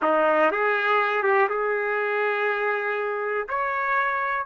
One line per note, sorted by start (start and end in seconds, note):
0.02 0.51 D#4
0.51 1.23 G#4
1.23 1.48 G4
1.49 3.47 G#4
3.48 4.45 C#5